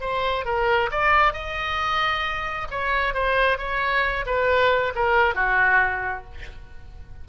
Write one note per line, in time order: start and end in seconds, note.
0.00 0.45 C5
0.45 0.90 A#4
0.91 1.33 D5
1.33 2.67 D#5
2.70 3.13 C#5
3.13 3.58 C5
3.58 4.25 C#5
4.26 4.93 B4
4.95 5.35 A#4
5.35 6.24 F#4